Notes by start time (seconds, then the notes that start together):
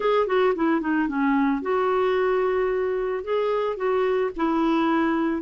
0.00 G#4
0.27 F#4
0.55 E4
0.80 D#4
1.07 C#4
1.62 F#4
3.24 G#4
3.76 F#4
4.36 E4